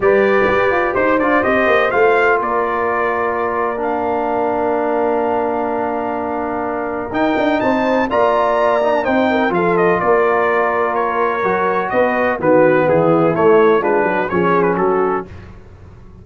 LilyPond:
<<
  \new Staff \with { instrumentName = "trumpet" } { \time 4/4 \tempo 4 = 126 d''2 c''8 d''8 dis''4 | f''4 d''2. | f''1~ | f''2. g''4 |
a''4 ais''2 g''4 | f''8 dis''8 d''2 cis''4~ | cis''4 dis''4 b'4 gis'4 | cis''4 b'4 cis''8. b'16 a'4 | }
  \new Staff \with { instrumentName = "horn" } { \time 4/4 b'2 c''2~ | c''4 ais'2.~ | ais'1~ | ais'1 |
c''4 d''2 c''8 ais'8 | a'4 ais'2.~ | ais'4 b'4 fis'4 e'4~ | e'4 f'8 fis'8 gis'4 fis'4 | }
  \new Staff \with { instrumentName = "trombone" } { \time 4/4 g'2~ g'8 f'8 g'4 | f'1 | d'1~ | d'2. dis'4~ |
dis'4 f'4. dis'16 d'16 dis'4 | f'1 | fis'2 b2 | a4 d'4 cis'2 | }
  \new Staff \with { instrumentName = "tuba" } { \time 4/4 g4 g'8 f'8 dis'8 d'8 c'8 ais8 | a4 ais2.~ | ais1~ | ais2. dis'8 d'8 |
c'4 ais2 c'4 | f4 ais2. | fis4 b4 dis4 e4 | a4 gis8 fis8 f4 fis4 | }
>>